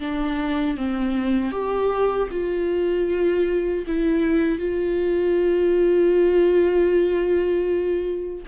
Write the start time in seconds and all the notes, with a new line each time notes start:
0.00 D4
0.77 C4
1.51 G4
2.31 F4
3.87 E4
4.59 F4